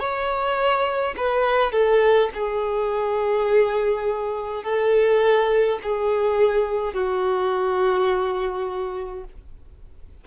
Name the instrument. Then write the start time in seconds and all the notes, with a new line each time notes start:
violin
0.00 C#5
1.17 B4
1.73 A4
2.34 G#4
4.64 A4
5.83 G#4
6.94 F#4